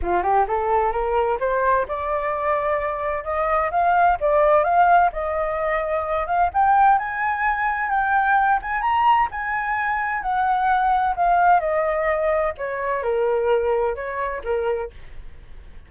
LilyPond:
\new Staff \with { instrumentName = "flute" } { \time 4/4 \tempo 4 = 129 f'8 g'8 a'4 ais'4 c''4 | d''2. dis''4 | f''4 d''4 f''4 dis''4~ | dis''4. f''8 g''4 gis''4~ |
gis''4 g''4. gis''8 ais''4 | gis''2 fis''2 | f''4 dis''2 cis''4 | ais'2 cis''4 ais'4 | }